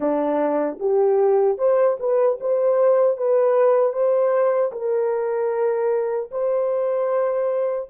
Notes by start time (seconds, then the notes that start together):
0.00 D4
0.79 G4
1.58 C5
1.99 B4
2.40 C5
3.17 B4
3.93 C5
4.72 A#4
6.31 C5